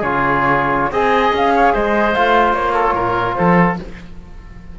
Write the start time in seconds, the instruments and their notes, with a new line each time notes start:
0.00 cello C#3, trombone F4, oboe G#4, flute C#5
0.92 cello C4, trombone G#4, oboe D#5, flute G#5
1.33 cello C#4, flute F5
1.56 oboe C#5
1.74 cello G#3, oboe C5, flute D#5
2.15 cello A3, trombone F4, flute F5
2.53 cello A#3, flute C#5
2.74 oboe A4
2.95 cello A#2, oboe A#4
3.35 cello F3, oboe A4, flute C5